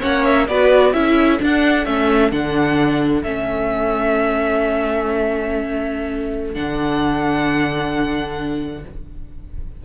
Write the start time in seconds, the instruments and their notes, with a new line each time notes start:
0.00 cello A#3, viola C#4, violin C#5 F#5
0.25 violin E5
0.48 cello B3, viola F#4, violin B4 D5
0.92 cello C#4, viola E4, violin A4 E5
1.40 viola D4, cello D4, violin F#5
1.86 cello A3, viola C#4, violin E5
2.32 cello D3, viola D4, violin F#5
3.23 cello A3, viola C#4, violin E5
6.55 cello D3, viola D4, violin F#5